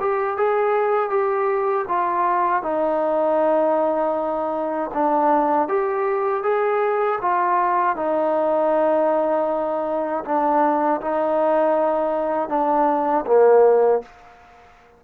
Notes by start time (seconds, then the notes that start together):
0.00 G4
0.37 G#4
1.09 G4
1.88 F4
2.62 D#4
4.94 D4
5.68 G4
6.43 G#4
7.22 F4
7.96 D#4
10.25 D4
11.01 D#4
12.49 D4
13.26 A#3